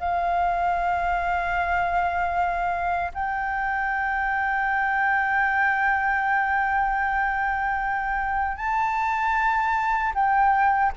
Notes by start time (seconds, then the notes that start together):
0.00 F5
3.14 G5
8.57 A5
10.15 G5